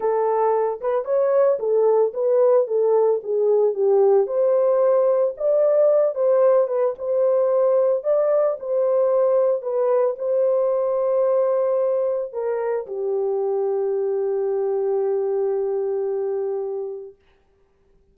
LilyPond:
\new Staff \with { instrumentName = "horn" } { \time 4/4 \tempo 4 = 112 a'4. b'8 cis''4 a'4 | b'4 a'4 gis'4 g'4 | c''2 d''4. c''8~ | c''8 b'8 c''2 d''4 |
c''2 b'4 c''4~ | c''2. ais'4 | g'1~ | g'1 | }